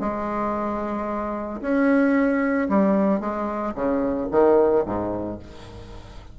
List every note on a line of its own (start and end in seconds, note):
0.00 1.61 G#3
1.61 2.68 C#4
2.69 3.20 G3
3.20 3.74 G#3
3.75 4.28 C#3
4.31 4.84 D#3
4.85 5.39 G#2